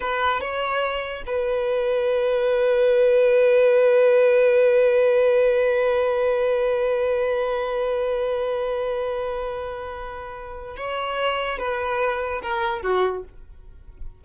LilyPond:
\new Staff \with { instrumentName = "violin" } { \time 4/4 \tempo 4 = 145 b'4 cis''2 b'4~ | b'1~ | b'1~ | b'1~ |
b'1~ | b'1~ | b'2 cis''2 | b'2 ais'4 fis'4 | }